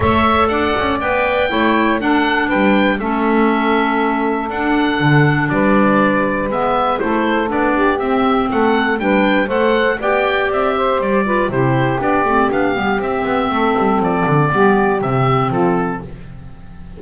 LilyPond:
<<
  \new Staff \with { instrumentName = "oboe" } { \time 4/4 \tempo 4 = 120 e''4 fis''4 g''2 | fis''4 g''4 e''2~ | e''4 fis''2 d''4~ | d''4 e''4 c''4 d''4 |
e''4 fis''4 g''4 fis''4 | g''4 e''4 d''4 c''4 | d''4 f''4 e''2 | d''2 e''4 a'4 | }
  \new Staff \with { instrumentName = "saxophone" } { \time 4/4 cis''4 d''2 cis''4 | a'4 b'4 a'2~ | a'2. b'4~ | b'2 a'4. g'8~ |
g'4 a'4 b'4 c''4 | d''4. c''4 b'8 g'4~ | g'2. a'4~ | a'4 g'2 f'4 | }
  \new Staff \with { instrumentName = "clarinet" } { \time 4/4 a'2 b'4 e'4 | d'2 cis'2~ | cis'4 d'2.~ | d'4 b4 e'4 d'4 |
c'2 d'4 a'4 | g'2~ g'8 f'8 e'4 | d'8 c'8 d'8 b8 c'2~ | c'4 b4 c'2 | }
  \new Staff \with { instrumentName = "double bass" } { \time 4/4 a4 d'8 cis'8 b4 a4 | d'4 g4 a2~ | a4 d'4 d4 g4~ | g4 gis4 a4 b4 |
c'4 a4 g4 a4 | b4 c'4 g4 c4 | b8 a8 b8 g8 c'8 b8 a8 g8 | f8 d8 g4 c4 f4 | }
>>